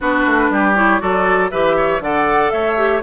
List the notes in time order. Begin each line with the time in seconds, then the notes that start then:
0.00 B3 D4 F#4 B4
0.26 A3
0.50 G3 G4
0.75 E4 C#5
0.99 F#3 F#4 A4 D5
1.50 E3 G4 B4 E5
1.77 C#5
2.00 D3 A4 D5 F#5
2.50 A3 C#5 E5
2.76 G4